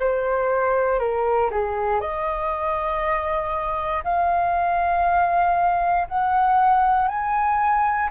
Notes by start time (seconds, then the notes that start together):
0.00 C5
0.99 A#4
1.51 G#4
2.01 D#5
4.04 F5
6.08 F#5
7.08 G#5